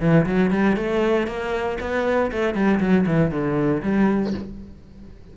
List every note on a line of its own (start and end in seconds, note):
0.00 0.25 E3
0.26 0.51 F#3
0.51 0.76 G3
0.76 1.27 A3
1.27 1.78 A#3
1.80 2.31 B3
2.32 2.54 A3
2.54 2.79 G3
2.80 3.05 F#3
3.06 3.31 E3
3.31 3.82 D3
3.83 4.33 G3